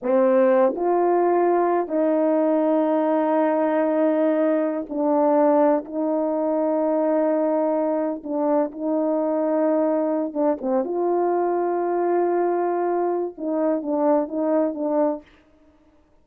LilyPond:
\new Staff \with { instrumentName = "horn" } { \time 4/4 \tempo 4 = 126 c'4. f'2~ f'8 | dis'1~ | dis'2~ dis'16 d'4.~ d'16~ | d'16 dis'2.~ dis'8.~ |
dis'4~ dis'16 d'4 dis'4.~ dis'16~ | dis'4.~ dis'16 d'8 c'8 f'4~ f'16~ | f'1 | dis'4 d'4 dis'4 d'4 | }